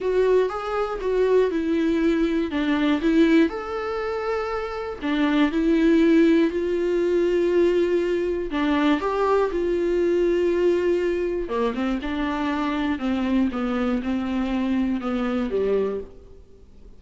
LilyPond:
\new Staff \with { instrumentName = "viola" } { \time 4/4 \tempo 4 = 120 fis'4 gis'4 fis'4 e'4~ | e'4 d'4 e'4 a'4~ | a'2 d'4 e'4~ | e'4 f'2.~ |
f'4 d'4 g'4 f'4~ | f'2. ais8 c'8 | d'2 c'4 b4 | c'2 b4 g4 | }